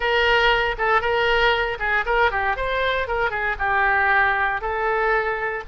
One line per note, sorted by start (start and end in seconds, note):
0.00 0.75 A#4
0.78 1.01 A4
1.01 1.78 A#4
1.79 2.04 G#4
2.05 2.31 A#4
2.31 2.56 G4
2.56 3.07 C5
3.07 3.30 A#4
3.30 3.55 G#4
3.58 4.61 G4
4.61 5.63 A4